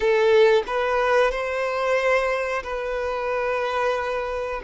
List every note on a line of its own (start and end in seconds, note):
0.00 0.63 A4
0.66 1.31 B4
1.31 2.63 C5
2.63 4.61 B4